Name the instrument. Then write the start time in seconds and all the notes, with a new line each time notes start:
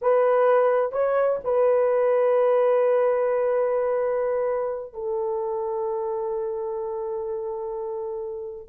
horn
0.01 B4
0.92 C#5
1.44 B4
4.93 A4